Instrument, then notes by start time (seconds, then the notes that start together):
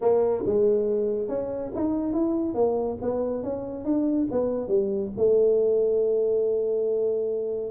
tuba
0.01 A#3
0.45 G#3
1.28 C#4
1.75 D#4
2.13 E4
2.54 A#3
3.01 B3
3.43 C#4
3.84 D4
4.31 B3
4.67 G3
5.17 A3